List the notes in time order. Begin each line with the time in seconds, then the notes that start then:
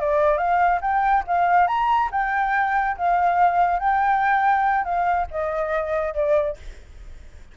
0.00 D5
0.38 F5
0.81 G5
1.27 F5
1.67 A#5
2.12 G5
2.97 F5
3.79 G5
4.85 F5
5.31 D#5
6.14 D5